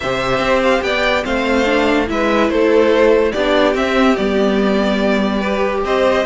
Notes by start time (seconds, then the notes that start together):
0.00 C3 G4 C5 E5
0.39 C4
0.62 F5
0.82 B3 D5 G5
1.22 A3 C4 C5 F5
1.65 D4
2.07 G#3 E4 B4 E5
2.49 A3 A4 C5
3.32 B3 D4 G4 D5
3.73 C4 E5
4.16 G3 B3 D5
5.39 G4 B4
5.84 C4 C5 D#5